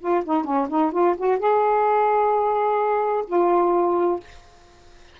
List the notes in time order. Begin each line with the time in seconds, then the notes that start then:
0.00 F4
0.25 D#4
0.44 C#4
0.69 D#4
0.92 F4
1.17 F#4
1.39 G#4
3.27 F4